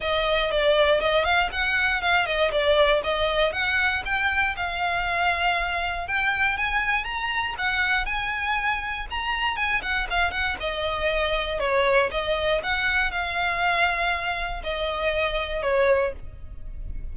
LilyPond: \new Staff \with { instrumentName = "violin" } { \time 4/4 \tempo 4 = 119 dis''4 d''4 dis''8 f''8 fis''4 | f''8 dis''8 d''4 dis''4 fis''4 | g''4 f''2. | g''4 gis''4 ais''4 fis''4 |
gis''2 ais''4 gis''8 fis''8 | f''8 fis''8 dis''2 cis''4 | dis''4 fis''4 f''2~ | f''4 dis''2 cis''4 | }